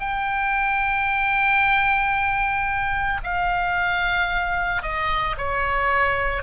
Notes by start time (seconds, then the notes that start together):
0.00 G5
3.24 F5
4.83 D#5
5.38 C#5